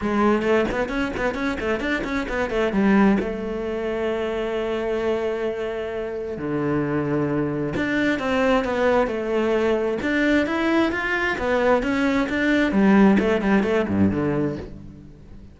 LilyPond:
\new Staff \with { instrumentName = "cello" } { \time 4/4 \tempo 4 = 132 gis4 a8 b8 cis'8 b8 cis'8 a8 | d'8 cis'8 b8 a8 g4 a4~ | a1~ | a2 d2~ |
d4 d'4 c'4 b4 | a2 d'4 e'4 | f'4 b4 cis'4 d'4 | g4 a8 g8 a8 g,8 d4 | }